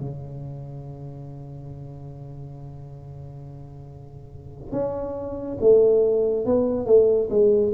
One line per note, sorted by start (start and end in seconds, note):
0.00 4.71 C#3
4.71 5.57 C#4
5.60 6.46 A3
6.46 6.86 B3
6.86 7.29 A3
7.30 7.73 G#3